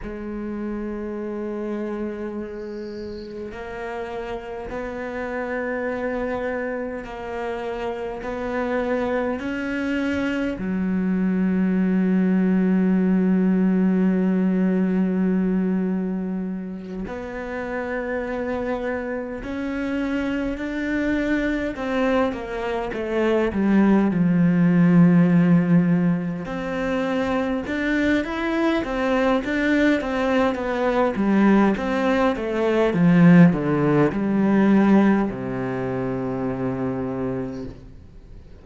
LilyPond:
\new Staff \with { instrumentName = "cello" } { \time 4/4 \tempo 4 = 51 gis2. ais4 | b2 ais4 b4 | cis'4 fis2.~ | fis2~ fis8 b4.~ |
b8 cis'4 d'4 c'8 ais8 a8 | g8 f2 c'4 d'8 | e'8 c'8 d'8 c'8 b8 g8 c'8 a8 | f8 d8 g4 c2 | }